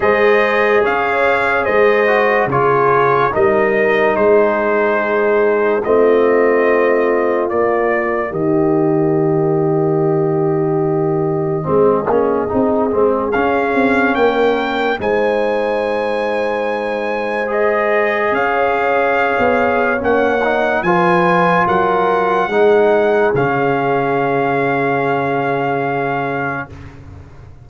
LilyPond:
<<
  \new Staff \with { instrumentName = "trumpet" } { \time 4/4 \tempo 4 = 72 dis''4 f''4 dis''4 cis''4 | dis''4 c''2 dis''4~ | dis''4 d''4 dis''2~ | dis''1 |
f''4 g''4 gis''2~ | gis''4 dis''4 f''2 | fis''4 gis''4 fis''2 | f''1 | }
  \new Staff \with { instrumentName = "horn" } { \time 4/4 c''4 cis''4 c''4 gis'4 | ais'4 gis'2 f'4~ | f'2 g'2~ | g'2 gis'2~ |
gis'4 ais'4 c''2~ | c''2 cis''2~ | cis''4 b'4 ais'4 gis'4~ | gis'1 | }
  \new Staff \with { instrumentName = "trombone" } { \time 4/4 gis'2~ gis'8 fis'8 f'4 | dis'2. c'4~ | c'4 ais2.~ | ais2 c'8 cis'8 dis'8 c'8 |
cis'2 dis'2~ | dis'4 gis'2. | cis'8 dis'8 f'2 dis'4 | cis'1 | }
  \new Staff \with { instrumentName = "tuba" } { \time 4/4 gis4 cis'4 gis4 cis4 | g4 gis2 a4~ | a4 ais4 dis2~ | dis2 gis8 ais8 c'8 gis8 |
cis'8 c'8 ais4 gis2~ | gis2 cis'4~ cis'16 b8. | ais4 f4 fis4 gis4 | cis1 | }
>>